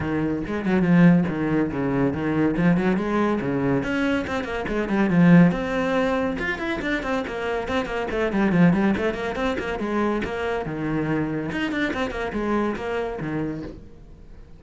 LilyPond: \new Staff \with { instrumentName = "cello" } { \time 4/4 \tempo 4 = 141 dis4 gis8 fis8 f4 dis4 | cis4 dis4 f8 fis8 gis4 | cis4 cis'4 c'8 ais8 gis8 g8 | f4 c'2 f'8 e'8 |
d'8 c'8 ais4 c'8 ais8 a8 g8 | f8 g8 a8 ais8 c'8 ais8 gis4 | ais4 dis2 dis'8 d'8 | c'8 ais8 gis4 ais4 dis4 | }